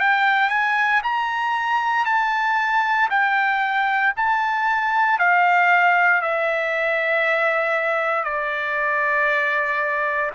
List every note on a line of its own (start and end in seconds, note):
0.00 0.50 G5
0.50 1.02 G#5
1.03 2.05 A#5
2.05 3.09 A5
3.10 4.13 G5
4.17 5.19 A5
5.19 6.22 F5
6.22 8.24 E5
8.24 10.31 D5